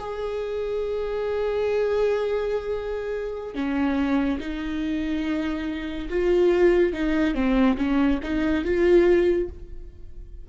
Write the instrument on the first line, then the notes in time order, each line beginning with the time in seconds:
viola
0.00 G#4
3.55 C#4
4.40 D#4
6.10 F4
6.93 D#4
7.35 C4
7.78 C#4
8.24 D#4
8.65 F4